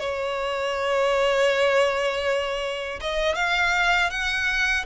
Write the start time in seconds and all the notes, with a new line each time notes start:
0.00 C#5
3.01 D#5
3.35 F5
4.10 F#5